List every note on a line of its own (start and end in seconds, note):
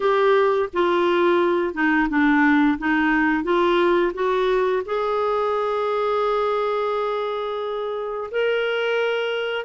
0.00 0.69 G4
0.73 1.74 F4
1.74 2.08 D#4
2.09 2.78 D4
2.78 3.43 D#4
3.43 4.12 F4
4.13 4.82 F#4
4.85 8.30 G#4
8.31 9.65 A#4